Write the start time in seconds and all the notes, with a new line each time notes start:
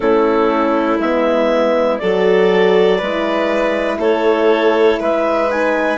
0.00 A3 C#4 E4 A4
0.99 G#3 B3 E5
1.98 F#3 F#4 A4 D5
2.98 G#3 E4 B4
3.98 A3 A4 C#5
4.99 G#3 B4 E5
5.50 D#4 G#5